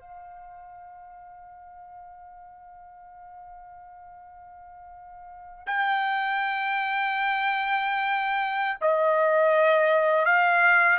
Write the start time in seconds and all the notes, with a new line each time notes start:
0.00 F5
5.67 G5
8.81 D#5
10.26 F5